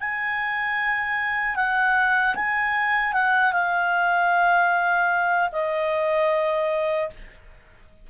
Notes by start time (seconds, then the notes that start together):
0.00 G#5
1.56 F#5
2.35 G#5
3.13 F#5
3.52 F5
5.52 D#5